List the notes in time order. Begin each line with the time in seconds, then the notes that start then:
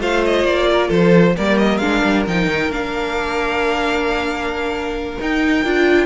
0.00 A3 F4 C5 F5
0.25 D#5
0.44 A#3 D5
0.72 A#4
0.88 F3 A4 C5
1.37 G3 A#3 A#4 D5
1.58 D#5
1.78 G#3 D4 F5
2.04 G3
2.27 F3 D#4 G5
2.47 D#3
2.70 A#3 D4 F5
5.20 D#4 G5
5.65 D4 F4